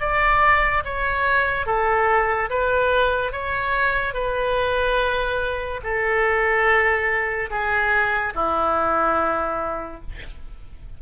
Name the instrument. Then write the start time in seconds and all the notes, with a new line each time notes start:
oboe
0.00 D5
0.85 C#5
1.66 A4
2.50 B4
3.32 C#5
4.14 B4
5.83 A4
7.50 G#4
8.35 E4